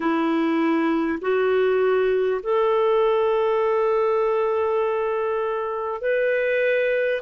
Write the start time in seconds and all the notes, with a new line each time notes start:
0.00 E4
1.21 F#4
2.42 A4
6.01 B4